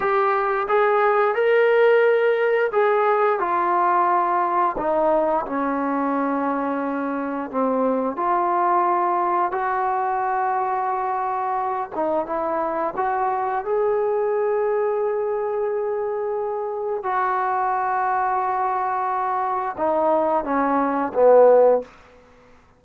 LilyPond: \new Staff \with { instrumentName = "trombone" } { \time 4/4 \tempo 4 = 88 g'4 gis'4 ais'2 | gis'4 f'2 dis'4 | cis'2. c'4 | f'2 fis'2~ |
fis'4. dis'8 e'4 fis'4 | gis'1~ | gis'4 fis'2.~ | fis'4 dis'4 cis'4 b4 | }